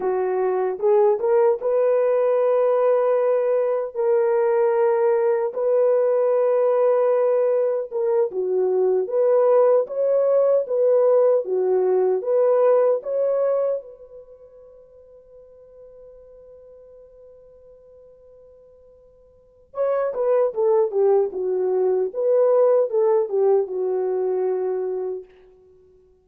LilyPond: \new Staff \with { instrumentName = "horn" } { \time 4/4 \tempo 4 = 76 fis'4 gis'8 ais'8 b'2~ | b'4 ais'2 b'4~ | b'2 ais'8 fis'4 b'8~ | b'8 cis''4 b'4 fis'4 b'8~ |
b'8 cis''4 b'2~ b'8~ | b'1~ | b'4 cis''8 b'8 a'8 g'8 fis'4 | b'4 a'8 g'8 fis'2 | }